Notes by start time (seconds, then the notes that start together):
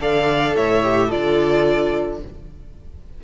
0.00 D3 A4 D5 F5
0.56 A2 C#5 E5
0.84 G4
1.07 F4 A4 D5
1.14 D3